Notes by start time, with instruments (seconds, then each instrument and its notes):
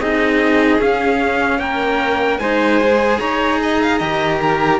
0.00 cello C4 D#4, violin G#4, trumpet D#5
0.79 cello C#4, trumpet F5
1.59 cello A#3, violin A#4, trumpet G5
2.39 cello G#3 D#4, violin C5, trumpet G#5
2.81 cello G#4
3.20 cello D#4, violin C#5, trumpet A#5
3.63 violin D#5
3.82 violin F5
3.98 cello D#3 G4, violin D#5
4.41 violin A#4